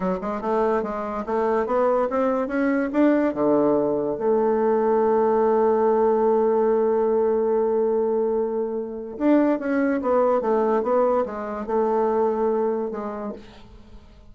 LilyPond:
\new Staff \with { instrumentName = "bassoon" } { \time 4/4 \tempo 4 = 144 fis8 gis8 a4 gis4 a4 | b4 c'4 cis'4 d'4 | d2 a2~ | a1~ |
a1~ | a2 d'4 cis'4 | b4 a4 b4 gis4 | a2. gis4 | }